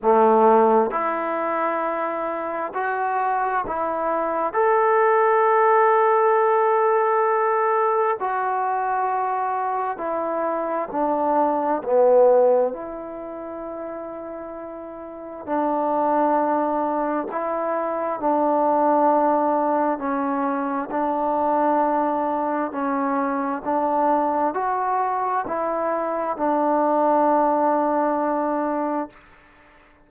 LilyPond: \new Staff \with { instrumentName = "trombone" } { \time 4/4 \tempo 4 = 66 a4 e'2 fis'4 | e'4 a'2.~ | a'4 fis'2 e'4 | d'4 b4 e'2~ |
e'4 d'2 e'4 | d'2 cis'4 d'4~ | d'4 cis'4 d'4 fis'4 | e'4 d'2. | }